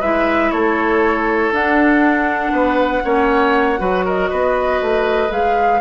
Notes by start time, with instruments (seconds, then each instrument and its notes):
0.00 bassoon G#3, clarinet E4, oboe B4, flute E5
0.51 bassoon A3, oboe A4, flute C#5
1.51 bassoon D4, clarinet D4, flute F#5
2.52 bassoon B3, oboe B4
3.03 bassoon A#3, clarinet C#4, oboe C#5
3.78 bassoon F#3, clarinet F#4, oboe B4
4.05 oboe A#4, flute D#5
4.30 bassoon B3, oboe B4
4.82 bassoon A3
5.30 bassoon G#3, clarinet G#4, flute F5